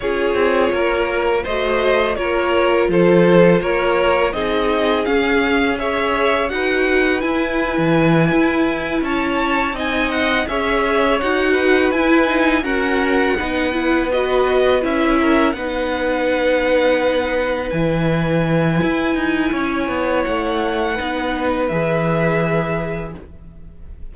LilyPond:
<<
  \new Staff \with { instrumentName = "violin" } { \time 4/4 \tempo 4 = 83 cis''2 dis''4 cis''4 | c''4 cis''4 dis''4 f''4 | e''4 fis''4 gis''2~ | gis''8 a''4 gis''8 fis''8 e''4 fis''8~ |
fis''8 gis''4 fis''2 dis''8~ | dis''8 e''4 fis''2~ fis''8~ | fis''8 gis''2.~ gis''8 | fis''2 e''2 | }
  \new Staff \with { instrumentName = "violin" } { \time 4/4 gis'4 ais'4 c''4 ais'4 | a'4 ais'4 gis'2 | cis''4 b'2.~ | b'8 cis''4 dis''4 cis''4. |
b'4. ais'4 b'4.~ | b'4 ais'8 b'2~ b'8~ | b'2. cis''4~ | cis''4 b'2. | }
  \new Staff \with { instrumentName = "viola" } { \time 4/4 f'2 fis'4 f'4~ | f'2 dis'4 cis'4 | gis'4 fis'4 e'2~ | e'4. dis'4 gis'4 fis'8~ |
fis'8 e'8 dis'8 cis'4 dis'8 e'8 fis'8~ | fis'8 e'4 dis'2~ dis'8~ | dis'8 e'2.~ e'8~ | e'4 dis'4 gis'2 | }
  \new Staff \with { instrumentName = "cello" } { \time 4/4 cis'8 c'8 ais4 a4 ais4 | f4 ais4 c'4 cis'4~ | cis'4 dis'4 e'8. e8. e'8~ | e'8 cis'4 c'4 cis'4 dis'8~ |
dis'8 e'4 fis'4 b4.~ | b8 cis'4 b2~ b8~ | b8 e4. e'8 dis'8 cis'8 b8 | a4 b4 e2 | }
>>